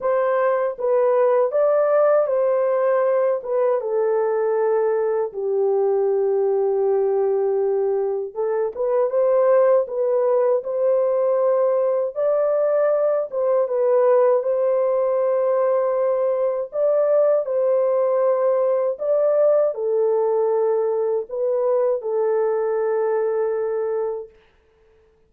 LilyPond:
\new Staff \with { instrumentName = "horn" } { \time 4/4 \tempo 4 = 79 c''4 b'4 d''4 c''4~ | c''8 b'8 a'2 g'4~ | g'2. a'8 b'8 | c''4 b'4 c''2 |
d''4. c''8 b'4 c''4~ | c''2 d''4 c''4~ | c''4 d''4 a'2 | b'4 a'2. | }